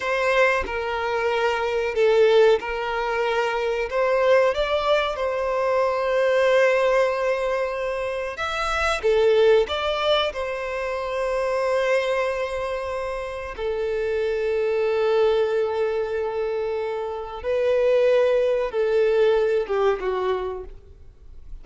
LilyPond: \new Staff \with { instrumentName = "violin" } { \time 4/4 \tempo 4 = 93 c''4 ais'2 a'4 | ais'2 c''4 d''4 | c''1~ | c''4 e''4 a'4 d''4 |
c''1~ | c''4 a'2.~ | a'2. b'4~ | b'4 a'4. g'8 fis'4 | }